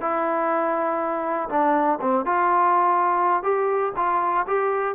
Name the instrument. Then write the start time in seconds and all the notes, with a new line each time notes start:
trombone
0.00 E4
1.49 D4
2.01 C4
2.25 F4
3.43 G4
3.96 F4
4.47 G4